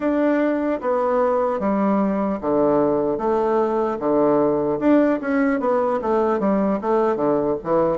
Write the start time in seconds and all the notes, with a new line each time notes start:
0.00 D4
0.80 B3
1.59 G3
2.40 D3
3.17 A3
3.99 D3
4.79 D4
5.20 C#4
5.60 B3
6.01 A3
6.39 G3
6.81 A3
7.16 D3
7.63 E3